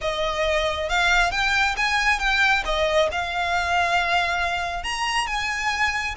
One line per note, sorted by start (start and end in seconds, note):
0.01 0.89 D#5
0.89 1.31 F5
1.31 1.75 G5
1.76 2.19 G#5
2.19 2.63 G5
2.65 3.09 D#5
3.11 4.83 F5
4.83 5.26 A#5
5.26 6.15 G#5